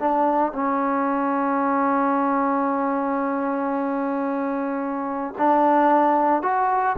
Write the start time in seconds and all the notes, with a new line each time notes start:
0.00 D4
0.53 C#4
5.38 D4
6.43 F#4